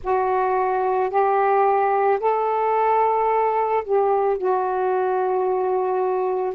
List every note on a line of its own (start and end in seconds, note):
0.03 1.10 F#4
1.10 2.19 G4
2.20 3.83 A4
3.84 4.37 G4
4.37 6.54 F#4